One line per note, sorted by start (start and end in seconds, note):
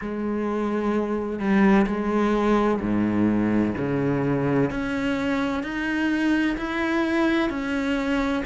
0.01 1.38 G#3
1.38 1.85 G3
1.86 2.80 G#3
2.81 3.75 G#2
3.77 4.70 C#3
4.70 5.62 C#4
5.62 6.56 D#4
6.57 7.49 E4
7.49 8.43 C#4